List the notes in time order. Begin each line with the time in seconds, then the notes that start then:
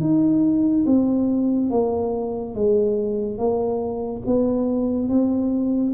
0.00 D#4
0.85 C4
1.70 A#3
2.54 G#3
3.37 A#3
4.26 B3
5.08 C4